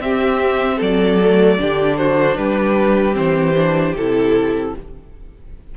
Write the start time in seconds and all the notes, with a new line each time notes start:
0.00 C4 G4 E5
0.77 F#3 A4 D5
1.21 A3
1.58 D3 D4 G4
1.97 F#4 C5
2.36 G3 G4 B4
3.12 E3 C4 C5
3.56 D4
3.94 C3 E4 A4